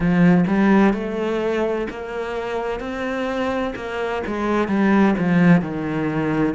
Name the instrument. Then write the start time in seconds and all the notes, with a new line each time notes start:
cello
0.00 F3
0.47 G3
0.93 A3
1.90 A#3
2.80 C4
3.75 A#3
4.27 G#3
4.67 G3
5.18 F3
5.61 D#3